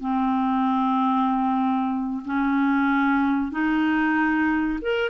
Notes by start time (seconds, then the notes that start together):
0.00 C4
2.25 C#4
3.51 D#4
4.82 A#4